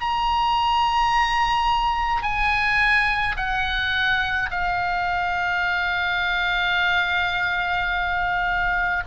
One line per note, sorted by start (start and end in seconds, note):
0.00 2.22 A#5
2.22 3.36 G#5
3.36 4.49 F#5
4.50 9.03 F5